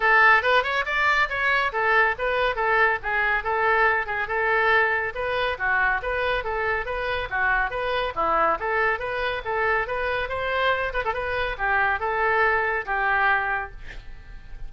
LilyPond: \new Staff \with { instrumentName = "oboe" } { \time 4/4 \tempo 4 = 140 a'4 b'8 cis''8 d''4 cis''4 | a'4 b'4 a'4 gis'4 | a'4. gis'8 a'2 | b'4 fis'4 b'4 a'4 |
b'4 fis'4 b'4 e'4 | a'4 b'4 a'4 b'4 | c''4. b'16 a'16 b'4 g'4 | a'2 g'2 | }